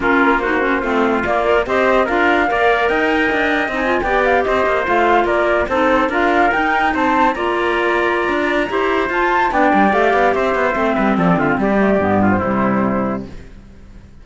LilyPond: <<
  \new Staff \with { instrumentName = "flute" } { \time 4/4 \tempo 4 = 145 ais'4 c''2 d''4 | dis''4 f''2 g''4~ | g''4 gis''8. g''8 f''8 dis''4 f''16~ | f''8. d''4 c''4 f''4 g''16~ |
g''8. a''4 ais''2~ ais''16~ | ais''2 a''4 g''4 | f''4 e''2 d''8 e''16 f''16 | d''4.~ d''16 c''2~ c''16 | }
  \new Staff \with { instrumentName = "trumpet" } { \time 4/4 f'4 fis'4 f'2 | c''4 ais'4 d''4 dis''4~ | dis''4.~ dis''16 d''4 c''4~ c''16~ | c''8. ais'4 a'4 ais'4~ ais'16~ |
ais'8. c''4 d''2~ d''16~ | d''4 c''2 d''4~ | d''4 c''4. b'8 a'8 f'8 | g'4. f'8 e'2 | }
  \new Staff \with { instrumentName = "clarinet" } { \time 4/4 cis'4 dis'8 cis'8 c'4 ais8 ais'8 | g'4 f'4 ais'2~ | ais'4 dis'16 f'8 g'2 f'16~ | f'4.~ f'16 dis'4 f'4 dis'16~ |
dis'4.~ dis'16 f'2~ f'16~ | f'4 g'4 f'4 d'4 | g'2 c'2~ | c'8 a8 b4 g2 | }
  \new Staff \with { instrumentName = "cello" } { \time 4/4 ais2 a4 ais4 | c'4 d'4 ais4 dis'4 | d'4 c'8. b4 c'8 ais8 a16~ | a8. ais4 c'4 d'4 dis'16~ |
dis'8. c'4 ais2~ ais16 | d'4 e'4 f'4 b8 g8 | a8 b8 c'8 b8 a8 g8 f8 d8 | g4 g,4 c2 | }
>>